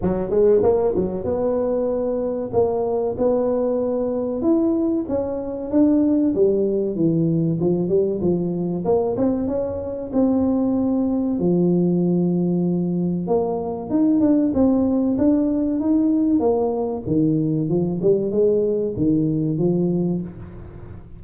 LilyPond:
\new Staff \with { instrumentName = "tuba" } { \time 4/4 \tempo 4 = 95 fis8 gis8 ais8 fis8 b2 | ais4 b2 e'4 | cis'4 d'4 g4 e4 | f8 g8 f4 ais8 c'8 cis'4 |
c'2 f2~ | f4 ais4 dis'8 d'8 c'4 | d'4 dis'4 ais4 dis4 | f8 g8 gis4 dis4 f4 | }